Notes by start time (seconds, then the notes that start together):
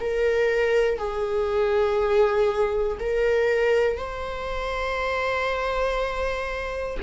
0.00 A#4
0.98 G#4
3.00 A#4
3.98 C5